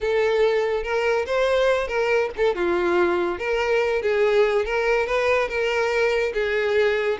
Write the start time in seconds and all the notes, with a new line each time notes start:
0.00 A4
0.83 A#4
1.26 C5
1.87 A#4
2.36 A4
2.55 F4
3.38 A#4
4.02 G#4
4.65 A#4
5.06 B4
5.48 A#4
6.33 G#4